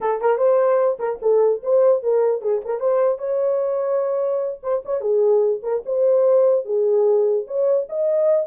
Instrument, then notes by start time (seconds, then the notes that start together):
horn
0.01 A4
0.21 A#4
0.37 C5
0.99 A#4
1.22 A4
1.62 C5
2.02 A#4
2.41 G#4
2.64 A#4
2.79 C5
3.18 C#5
4.63 C5
4.85 C#5
5.01 G#4
5.62 A#4
5.85 C5
6.65 G#4
7.47 C#5
7.89 D#5